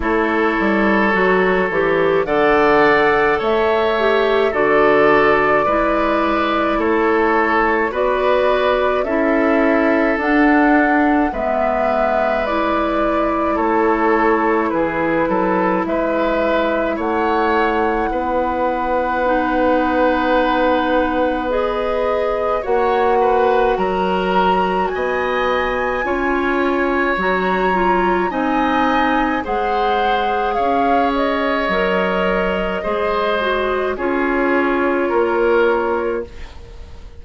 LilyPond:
<<
  \new Staff \with { instrumentName = "flute" } { \time 4/4 \tempo 4 = 53 cis''2 fis''4 e''4 | d''2 cis''4 d''4 | e''4 fis''4 e''4 d''4 | cis''4 b'4 e''4 fis''4~ |
fis''2. dis''4 | fis''4 ais''4 gis''2 | ais''4 gis''4 fis''4 f''8 dis''8~ | dis''2 cis''2 | }
  \new Staff \with { instrumentName = "oboe" } { \time 4/4 a'2 d''4 cis''4 | a'4 b'4 a'4 b'4 | a'2 b'2 | a'4 gis'8 a'8 b'4 cis''4 |
b'1 | cis''8 b'8 ais'4 dis''4 cis''4~ | cis''4 dis''4 c''4 cis''4~ | cis''4 c''4 gis'4 ais'4 | }
  \new Staff \with { instrumentName = "clarinet" } { \time 4/4 e'4 fis'8 g'8 a'4. g'8 | fis'4 e'2 fis'4 | e'4 d'4 b4 e'4~ | e'1~ |
e'4 dis'2 gis'4 | fis'2. f'4 | fis'8 f'8 dis'4 gis'2 | ais'4 gis'8 fis'8 f'2 | }
  \new Staff \with { instrumentName = "bassoon" } { \time 4/4 a8 g8 fis8 e8 d4 a4 | d4 gis4 a4 b4 | cis'4 d'4 gis2 | a4 e8 fis8 gis4 a4 |
b1 | ais4 fis4 b4 cis'4 | fis4 c'4 gis4 cis'4 | fis4 gis4 cis'4 ais4 | }
>>